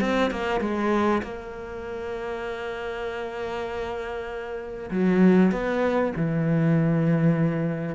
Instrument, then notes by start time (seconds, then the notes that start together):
cello
0.00 C4
0.30 A#3
0.60 G#3
1.22 A#3
4.90 F#3
5.51 B3
6.16 E3